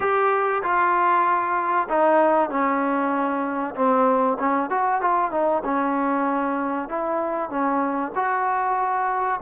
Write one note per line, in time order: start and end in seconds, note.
0.00 0.62 G4
0.62 1.88 F4
1.88 2.49 D#4
2.49 3.74 C#4
3.75 4.38 C4
4.39 4.70 C#4
4.70 5.01 F#4
5.01 5.31 F4
5.31 5.62 D#4
5.64 6.89 C#4
6.89 7.50 E4
7.50 8.12 C#4
8.15 9.40 F#4